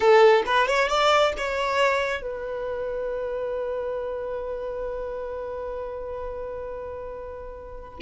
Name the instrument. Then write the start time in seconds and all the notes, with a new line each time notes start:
violin
0.00 A4
0.45 B4
0.67 C#5
0.88 D5
1.37 C#5
2.22 B4